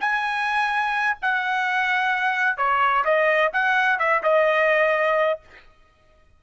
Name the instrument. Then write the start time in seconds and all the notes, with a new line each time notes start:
trumpet
0.00 G#5
1.21 F#5
2.57 C#5
3.04 D#5
3.52 F#5
3.98 E5
4.23 D#5